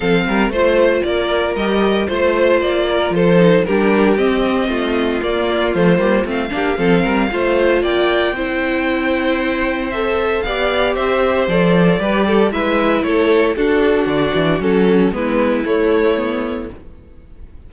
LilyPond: <<
  \new Staff \with { instrumentName = "violin" } { \time 4/4 \tempo 4 = 115 f''4 c''4 d''4 dis''4 | c''4 d''4 c''4 ais'4 | dis''2 d''4 c''4 | f''2. g''4~ |
g''2. e''4 | f''4 e''4 d''2 | e''4 cis''4 a'4 d''4 | a'4 b'4 cis''2 | }
  \new Staff \with { instrumentName = "violin" } { \time 4/4 a'8 ais'8 c''4 ais'2 | c''4. ais'8 a'4 g'4~ | g'4 f'2.~ | f'8 g'8 a'8 ais'8 c''4 d''4 |
c''1 | d''4 c''2 b'8 a'8 | b'4 a'4 fis'2~ | fis'4 e'2. | }
  \new Staff \with { instrumentName = "viola" } { \time 4/4 c'4 f'2 g'4 | f'2~ f'8 dis'8 d'4 | c'2 ais4 a8 ais8 | c'8 d'8 c'4 f'2 |
e'2. a'4 | g'2 a'4 g'4 | e'2 d'2 | cis'4 b4 a4 b4 | }
  \new Staff \with { instrumentName = "cello" } { \time 4/4 f8 g8 a4 ais4 g4 | a4 ais4 f4 g4 | c'4 a4 ais4 f8 g8 | a8 ais8 f8 g8 a4 ais4 |
c'1 | b4 c'4 f4 g4 | gis4 a4 d'4 d8 e8 | fis4 gis4 a2 | }
>>